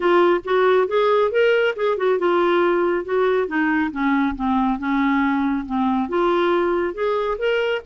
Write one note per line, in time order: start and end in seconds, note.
0.00 0.41 F4
0.44 0.87 F#4
0.87 1.31 G#4
1.31 1.74 A#4
1.76 1.97 G#4
1.97 2.18 F#4
2.19 3.05 F4
3.05 3.47 F#4
3.47 3.91 D#4
3.91 4.35 C#4
4.35 4.78 C4
4.78 5.65 C#4
5.65 6.08 C4
6.08 6.94 F4
6.94 7.37 G#4
7.38 7.81 A#4